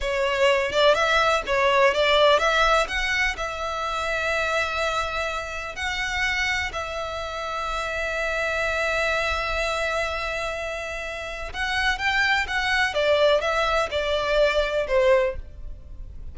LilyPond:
\new Staff \with { instrumentName = "violin" } { \time 4/4 \tempo 4 = 125 cis''4. d''8 e''4 cis''4 | d''4 e''4 fis''4 e''4~ | e''1 | fis''2 e''2~ |
e''1~ | e''1 | fis''4 g''4 fis''4 d''4 | e''4 d''2 c''4 | }